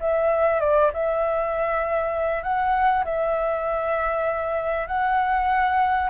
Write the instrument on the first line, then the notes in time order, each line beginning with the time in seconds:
flute
0.00 E5
0.60 D5
0.93 E5
2.43 F#5
3.04 E5
4.87 F#5